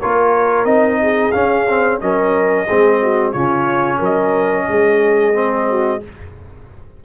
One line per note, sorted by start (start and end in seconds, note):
0.00 0.64 A#3
0.00 0.66 F4
0.00 1.00 A#4
0.00 0.65 C#5
0.64 1.31 C4
0.64 1.32 D#4
0.64 1.31 D#5
1.01 2.01 G#4
1.31 1.67 C#4
1.31 2.01 C#4
1.31 1.98 F5
1.69 2.00 C4
2.00 2.68 F#3
2.00 2.67 C#4
2.00 2.67 A#4
2.00 3.32 D#5
2.67 3.34 G#3
2.67 3.35 C4
2.67 3.00 G#4
3.02 3.34 F#4
3.32 4.00 C#3
3.32 5.33 C#4
3.32 3.98 F4
3.32 3.99 C#5
3.98 4.67 F#3
3.98 4.65 A#4
3.98 6.04 D#5
4.68 6.02 G#3
4.68 5.69 G#4
5.33 6.00 C4
5.69 6.03 F#4